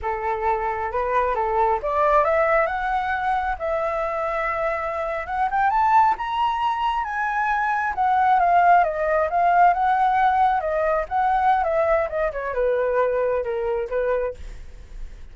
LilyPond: \new Staff \with { instrumentName = "flute" } { \time 4/4 \tempo 4 = 134 a'2 b'4 a'4 | d''4 e''4 fis''2 | e''2.~ e''8. fis''16~ | fis''16 g''8 a''4 ais''2 gis''16~ |
gis''4.~ gis''16 fis''4 f''4 dis''16~ | dis''8. f''4 fis''2 dis''16~ | dis''8. fis''4~ fis''16 e''4 dis''8 cis''8 | b'2 ais'4 b'4 | }